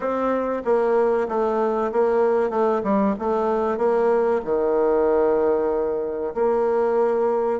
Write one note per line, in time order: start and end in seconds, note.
0.00 0.63 C4
0.64 1.27 A#3
1.28 1.91 A3
1.91 2.50 A#3
2.50 2.81 A3
2.83 3.15 G3
3.19 3.77 A3
3.77 4.40 A#3
4.44 6.34 D#3
6.34 7.60 A#3